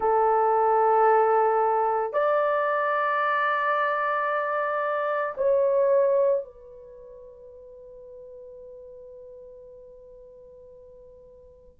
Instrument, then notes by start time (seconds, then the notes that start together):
horn
0.00 A4
2.13 D5
5.37 C#5
6.44 B4